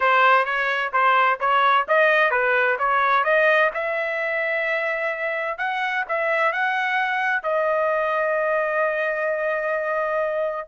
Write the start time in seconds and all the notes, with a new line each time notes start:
0.00 C5
0.45 C#5
0.92 C5
1.40 C#5
1.88 D#5
2.30 B4
2.78 C#5
3.24 D#5
3.74 E5
5.58 F#5
6.08 E5
6.52 F#5
7.42 D#5